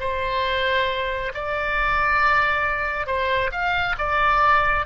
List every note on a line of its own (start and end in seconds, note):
0.00 1.32 C5
1.34 3.07 D5
3.07 3.51 C5
3.52 3.96 F5
3.98 4.86 D5